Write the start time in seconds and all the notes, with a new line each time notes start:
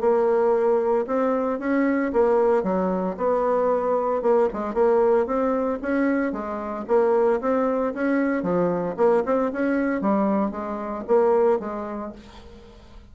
0.00 A#3
1.07 C4
1.59 C#4
2.13 A#3
2.63 F#3
3.17 B3
4.22 A#3
4.53 G#3
4.74 A#3
5.26 C4
5.82 C#4
6.32 G#3
6.88 A#3
7.41 C4
7.94 C#4
8.43 F3
8.97 A#3
9.25 C4
9.52 C#4
10.01 G3
10.51 G#3
11.07 A#3
11.60 G#3